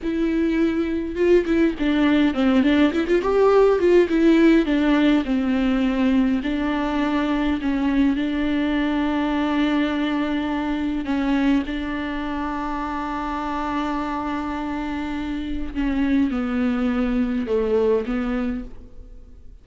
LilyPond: \new Staff \with { instrumentName = "viola" } { \time 4/4 \tempo 4 = 103 e'2 f'8 e'8 d'4 | c'8 d'8 e'16 f'16 g'4 f'8 e'4 | d'4 c'2 d'4~ | d'4 cis'4 d'2~ |
d'2. cis'4 | d'1~ | d'2. cis'4 | b2 a4 b4 | }